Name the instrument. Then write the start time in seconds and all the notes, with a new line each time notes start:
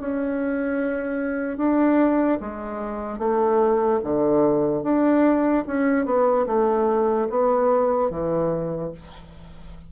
bassoon
0.00 C#4
1.58 D4
2.41 G#3
3.19 A3
4.04 D3
4.84 D4
5.67 C#4
6.06 B3
6.47 A3
7.30 B3
8.11 E3